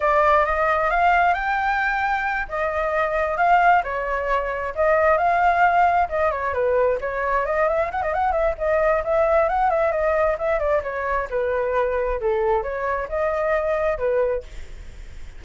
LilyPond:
\new Staff \with { instrumentName = "flute" } { \time 4/4 \tempo 4 = 133 d''4 dis''4 f''4 g''4~ | g''4. dis''2 f''8~ | f''8 cis''2 dis''4 f''8~ | f''4. dis''8 cis''8 b'4 cis''8~ |
cis''8 dis''8 e''8 fis''16 dis''16 fis''8 e''8 dis''4 | e''4 fis''8 e''8 dis''4 e''8 d''8 | cis''4 b'2 a'4 | cis''4 dis''2 b'4 | }